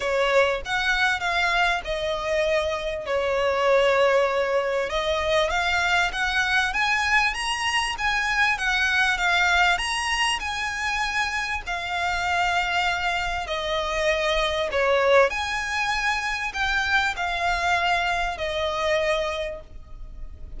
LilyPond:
\new Staff \with { instrumentName = "violin" } { \time 4/4 \tempo 4 = 98 cis''4 fis''4 f''4 dis''4~ | dis''4 cis''2. | dis''4 f''4 fis''4 gis''4 | ais''4 gis''4 fis''4 f''4 |
ais''4 gis''2 f''4~ | f''2 dis''2 | cis''4 gis''2 g''4 | f''2 dis''2 | }